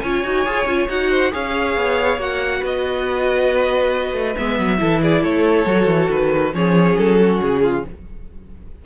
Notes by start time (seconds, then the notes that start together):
0.00 C#4 F4 C#5 G#5
0.23 D#4 F#4
0.45 F4 G#4
0.65 C#4 F4
0.88 D#4 F#4 F#5
1.10 C5
1.31 C#4 G#4 C#5 F5
1.76 B3
2.17 A#3 F#4 F#5
2.59 B3 B4
2.65 D#5
4.13 A3
4.36 G#3 B3 E5
4.58 F#3
4.78 E3 E4 A4
5.01 G#4 D5
5.22 A3 A4 C#5
5.65 F#3 F#4
5.86 E3
6.10 D#3 B4
6.52 F3 C#4 G#4 C#5
6.96 F#3 A4
7.20 F#4
7.41 C#3 G#4
7.62 F4